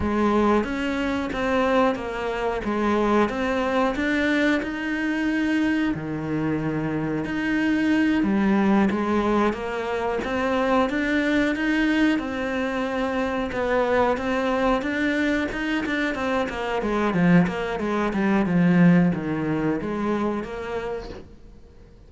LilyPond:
\new Staff \with { instrumentName = "cello" } { \time 4/4 \tempo 4 = 91 gis4 cis'4 c'4 ais4 | gis4 c'4 d'4 dis'4~ | dis'4 dis2 dis'4~ | dis'8 g4 gis4 ais4 c'8~ |
c'8 d'4 dis'4 c'4.~ | c'8 b4 c'4 d'4 dis'8 | d'8 c'8 ais8 gis8 f8 ais8 gis8 g8 | f4 dis4 gis4 ais4 | }